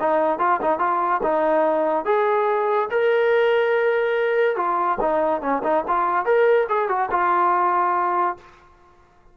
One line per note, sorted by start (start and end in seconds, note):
0.00 0.39 D#4
0.39 0.60 F4
0.62 0.79 D#4
0.79 1.21 F4
1.23 2.05 D#4
2.05 2.89 G#4
2.91 4.57 A#4
4.57 4.99 F4
5.01 5.41 D#4
5.41 5.62 C#4
5.64 5.85 D#4
5.88 6.25 F4
6.25 6.67 A#4
6.69 6.89 G#4
6.89 7.10 F#4
7.11 8.37 F4